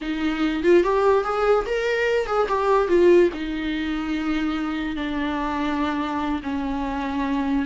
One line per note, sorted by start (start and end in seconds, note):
0.01 0.63 D#4
0.63 0.83 F4
0.83 1.24 G4
1.24 1.65 G#4
1.66 2.26 A#4
2.26 2.47 G#4
2.48 2.88 G4
2.88 3.29 F4
3.33 4.96 D#4
4.96 6.41 D4
6.42 7.65 C#4